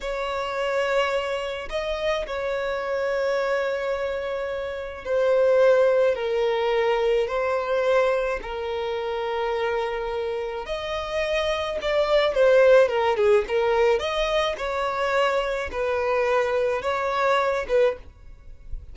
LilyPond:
\new Staff \with { instrumentName = "violin" } { \time 4/4 \tempo 4 = 107 cis''2. dis''4 | cis''1~ | cis''4 c''2 ais'4~ | ais'4 c''2 ais'4~ |
ais'2. dis''4~ | dis''4 d''4 c''4 ais'8 gis'8 | ais'4 dis''4 cis''2 | b'2 cis''4. b'8 | }